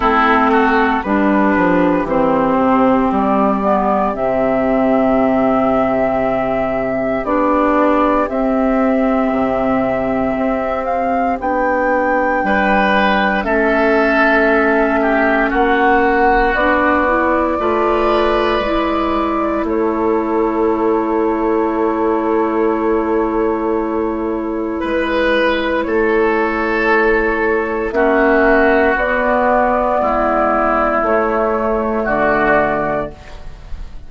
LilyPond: <<
  \new Staff \with { instrumentName = "flute" } { \time 4/4 \tempo 4 = 58 a'4 b'4 c''4 d''4 | e''2. d''4 | e''2~ e''8 f''8 g''4~ | g''4 e''2 fis''4 |
d''2. cis''4~ | cis''1 | b'4 cis''2 e''4 | d''2 cis''4 d''4 | }
  \new Staff \with { instrumentName = "oboe" } { \time 4/4 e'8 fis'8 g'2.~ | g'1~ | g'1 | b'4 a'4. g'8 fis'4~ |
fis'4 b'2 a'4~ | a'1 | b'4 a'2 fis'4~ | fis'4 e'2 fis'4 | }
  \new Staff \with { instrumentName = "clarinet" } { \time 4/4 c'4 d'4 c'4. b8 | c'2. d'4 | c'2. d'4~ | d'4 cis'2. |
d'8 e'8 f'4 e'2~ | e'1~ | e'2. cis'4 | b2 a2 | }
  \new Staff \with { instrumentName = "bassoon" } { \time 4/4 a4 g8 f8 e8 c8 g4 | c2. b4 | c'4 c4 c'4 b4 | g4 a2 ais4 |
b4 a4 gis4 a4~ | a1 | gis4 a2 ais4 | b4 gis4 a4 d4 | }
>>